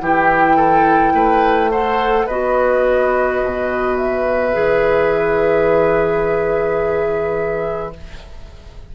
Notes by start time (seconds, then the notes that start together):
0.00 E3 E4 G4 G5
0.56 A4
1.13 A3 B4
1.70 A4 C5 F#5
2.26 B3 F#4 B4 D#5
3.44 B2
3.96 E5
4.53 E3 G#4